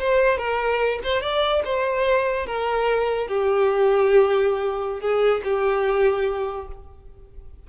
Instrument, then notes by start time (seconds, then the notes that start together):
violin
0.00 C5
0.38 A#4
1.04 C5
1.22 D5
1.66 C5
2.47 A#4
3.28 G4
5.01 G#4
5.45 G4